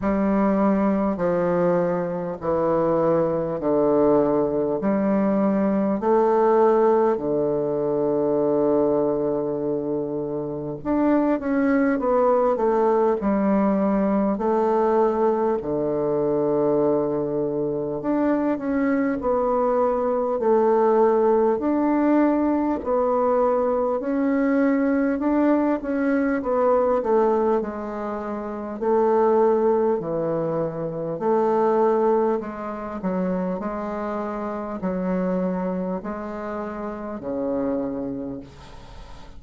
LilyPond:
\new Staff \with { instrumentName = "bassoon" } { \time 4/4 \tempo 4 = 50 g4 f4 e4 d4 | g4 a4 d2~ | d4 d'8 cis'8 b8 a8 g4 | a4 d2 d'8 cis'8 |
b4 a4 d'4 b4 | cis'4 d'8 cis'8 b8 a8 gis4 | a4 e4 a4 gis8 fis8 | gis4 fis4 gis4 cis4 | }